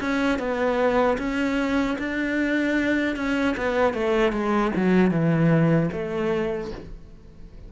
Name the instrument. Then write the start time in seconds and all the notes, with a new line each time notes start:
cello
0.00 C#4
0.39 B3
1.18 C#4
1.99 D4
3.16 C#4
3.57 B3
3.94 A3
4.32 G#3
4.76 F#3
5.11 E3
5.93 A3